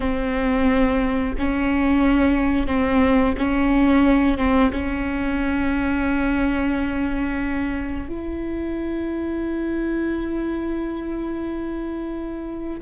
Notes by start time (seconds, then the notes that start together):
0.00 C4
1.38 C#4
2.66 C4
3.37 C#4
4.37 C4
4.72 C#4
8.08 E4